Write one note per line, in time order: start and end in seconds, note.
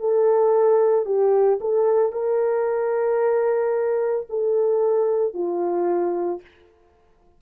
0.00 1.06 A4
1.06 1.60 G4
1.61 2.13 A4
2.13 4.27 A#4
4.30 5.34 A4
5.34 6.41 F4